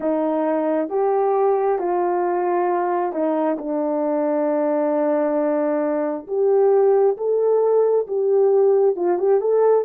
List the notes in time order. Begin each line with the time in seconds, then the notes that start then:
0.00 D#4
0.89 G4
1.78 F4
3.12 D#4
3.58 D4
6.27 G4
7.17 A4
8.07 G4
8.96 F4
9.18 G4
9.40 A4